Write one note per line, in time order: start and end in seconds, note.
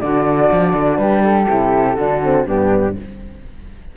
0.00 0.50 D3
0.00 1.49 D4
0.00 1.01 F#4
0.00 0.97 D5
0.52 0.73 F3
0.73 0.97 D3
0.97 1.46 G3
0.97 1.95 G4
0.97 1.21 B4
1.23 2.46 A4
1.49 1.96 C3
1.49 1.98 E4
1.95 2.45 D3
1.95 2.23 D4
1.95 2.44 F#4
2.23 2.47 C4
2.45 2.96 G2
2.45 2.96 B3
2.45 2.95 D4
2.45 2.95 G4